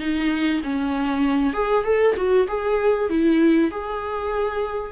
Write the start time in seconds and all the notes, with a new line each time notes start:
0.00 D#4
0.64 C#4
1.54 G#4
1.85 A4
2.17 F#4
2.48 G#4
3.10 E4
3.71 G#4